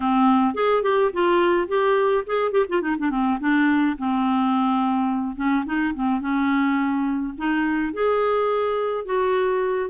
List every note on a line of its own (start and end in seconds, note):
0.00 0.54 C4
0.54 0.82 G#4
0.82 1.11 G4
1.13 1.67 F4
1.67 2.24 G4
2.26 2.51 G#4
2.51 2.65 G4
2.69 2.81 F4
2.81 2.95 D#4
2.98 3.10 D4
3.10 3.38 C4
3.40 3.96 D4
3.98 5.36 C4
5.36 5.64 C#4
5.65 5.94 D#4
5.94 6.20 C4
6.20 7.33 C#4
7.37 7.93 D#4
7.93 9.05 G#4
9.05 9.90 F#4